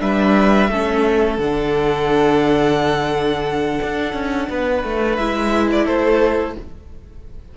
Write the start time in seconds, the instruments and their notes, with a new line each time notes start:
0.00 cello G3, viola D4, violin B4 E5
0.69 cello A3, viola C#4, violin A4
1.38 cello D3, viola D4, violin F#5
3.82 cello D4
4.14 cello C#4
4.50 cello B3, violin B4
4.84 cello A3
5.16 cello G#3, viola E4, violin E5
5.72 violin D5
5.85 cello A3, violin A4 C5